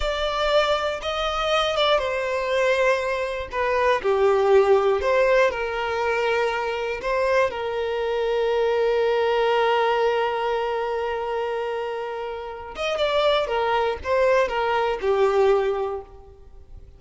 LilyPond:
\new Staff \with { instrumentName = "violin" } { \time 4/4 \tempo 4 = 120 d''2 dis''4. d''8 | c''2. b'4 | g'2 c''4 ais'4~ | ais'2 c''4 ais'4~ |
ais'1~ | ais'1~ | ais'4. dis''8 d''4 ais'4 | c''4 ais'4 g'2 | }